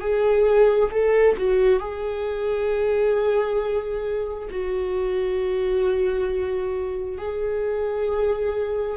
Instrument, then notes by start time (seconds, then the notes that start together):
viola
0.00 G#4
0.91 A4
1.37 F#4
1.80 G#4
4.50 F#4
7.18 G#4